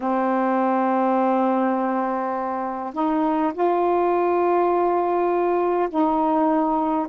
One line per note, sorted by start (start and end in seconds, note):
0.00 2.93 C4
2.93 3.52 D#4
3.53 5.88 F4
5.89 7.07 D#4